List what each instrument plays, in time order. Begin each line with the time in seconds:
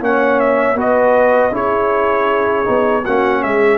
0.00 tuba A#3, trombone C#4, horn C#5, trumpet F#5
0.40 trumpet E5
0.75 tuba B3, trombone F#4, horn B4
0.81 trumpet D#5
1.51 tuba C#4, trombone E4, horn G#4, trumpet C#5
2.65 tuba B3, trombone D#4
3.04 tuba A#3, trombone C#4, horn F#4, trumpet F#5
3.42 tuba G#3, horn G#4, trumpet E5